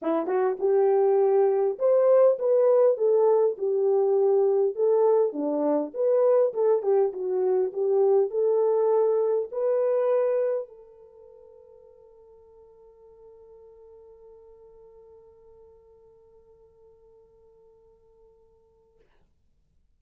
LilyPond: \new Staff \with { instrumentName = "horn" } { \time 4/4 \tempo 4 = 101 e'8 fis'8 g'2 c''4 | b'4 a'4 g'2 | a'4 d'4 b'4 a'8 g'8 | fis'4 g'4 a'2 |
b'2 a'2~ | a'1~ | a'1~ | a'1 | }